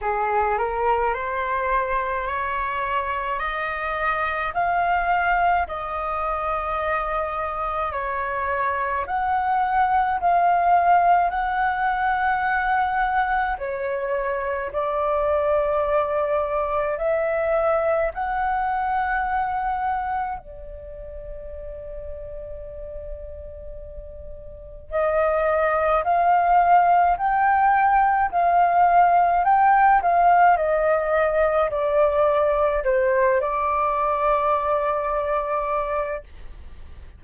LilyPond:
\new Staff \with { instrumentName = "flute" } { \time 4/4 \tempo 4 = 53 gis'8 ais'8 c''4 cis''4 dis''4 | f''4 dis''2 cis''4 | fis''4 f''4 fis''2 | cis''4 d''2 e''4 |
fis''2 d''2~ | d''2 dis''4 f''4 | g''4 f''4 g''8 f''8 dis''4 | d''4 c''8 d''2~ d''8 | }